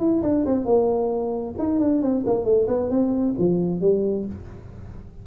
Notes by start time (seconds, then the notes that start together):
0.00 E4
0.22 D4
0.46 C4
0.65 A#3
1.59 D#4
1.80 D4
2.02 C4
2.26 A#3
2.45 A3
2.68 B3
2.90 C4
3.38 F3
3.81 G3